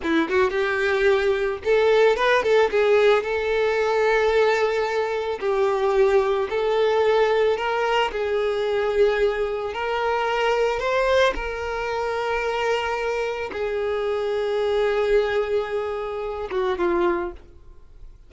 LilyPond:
\new Staff \with { instrumentName = "violin" } { \time 4/4 \tempo 4 = 111 e'8 fis'8 g'2 a'4 | b'8 a'8 gis'4 a'2~ | a'2 g'2 | a'2 ais'4 gis'4~ |
gis'2 ais'2 | c''4 ais'2.~ | ais'4 gis'2.~ | gis'2~ gis'8 fis'8 f'4 | }